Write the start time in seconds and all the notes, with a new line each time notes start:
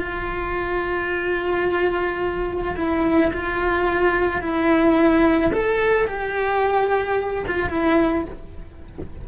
0.00 F4
2.76 E4
3.33 F4
4.42 E4
5.53 A4
6.08 G4
7.48 F4
7.70 E4